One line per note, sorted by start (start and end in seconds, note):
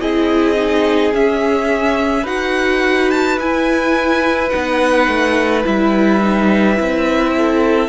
0.00 1.13 C4
0.00 0.55 E4
0.00 2.22 G#4
0.00 1.13 D#5
0.55 1.12 D#4
1.13 2.25 C#4
1.13 2.24 C#4
1.13 2.26 E5
2.22 3.37 D#4
2.22 3.38 F#4
2.22 7.32 B4
2.22 3.10 F#5
3.10 3.38 A5
3.37 4.50 E4
3.37 4.49 G#5
4.49 5.07 B3
4.49 5.63 D#4
4.49 5.62 F#5
5.07 5.64 A3
5.63 6.79 G3
5.63 6.20 E4
5.63 7.88 E5
6.22 6.75 D#4
6.75 7.88 C4
6.75 7.88 E4
7.37 7.88 A4